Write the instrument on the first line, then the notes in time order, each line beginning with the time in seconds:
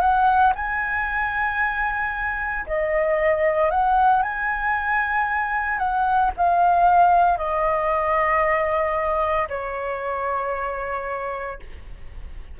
flute
0.00 F#5
0.55 G#5
2.66 D#5
3.70 F#5
4.22 G#5
5.78 F#5
6.36 F5
7.37 D#5
9.48 C#5